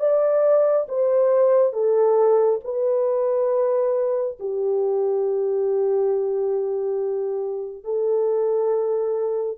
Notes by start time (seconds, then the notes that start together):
0.00 D5
0.89 C5
1.73 A4
2.64 B4
4.40 G4
7.84 A4